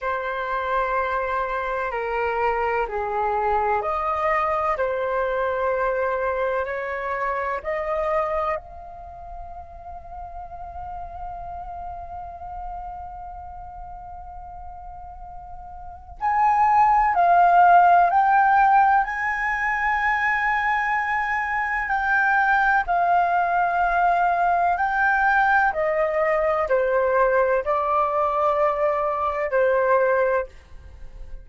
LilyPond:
\new Staff \with { instrumentName = "flute" } { \time 4/4 \tempo 4 = 63 c''2 ais'4 gis'4 | dis''4 c''2 cis''4 | dis''4 f''2.~ | f''1~ |
f''4 gis''4 f''4 g''4 | gis''2. g''4 | f''2 g''4 dis''4 | c''4 d''2 c''4 | }